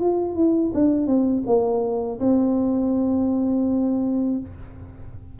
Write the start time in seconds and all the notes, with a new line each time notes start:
0.00 F4
0.35 E4
0.74 D4
1.07 C4
1.46 A#3
2.20 C4